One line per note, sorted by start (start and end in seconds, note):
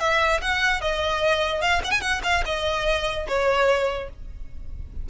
0.00 0.41 E5
0.42 0.81 F#5
0.81 1.62 D#5
1.62 1.82 F5
1.85 1.91 F#5
1.91 2.01 G#5
2.01 2.22 F#5
2.24 2.44 F5
2.46 3.27 D#5
3.28 4.10 C#5